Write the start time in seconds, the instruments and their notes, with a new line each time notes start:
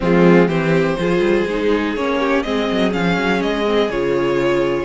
0.00 cello F3, viola G#3, violin C4 F4
0.47 cello E3, viola C4, violin G4 C5
0.99 cello F3, viola F4, violin G#4
1.19 cello G3
1.47 cello G#3, viola D#4
1.95 cello A#3, viola C#4, violin C#5
2.19 violin G4
2.42 cello G#3, viola C4, violin G#4 D#5
2.70 cello F#3
2.91 cello F3, viola C#4, violin F5
3.17 cello F#3
3.42 cello G#3, violin D#5
3.65 viola C4
3.89 cello C#3, viola F4, violin C#5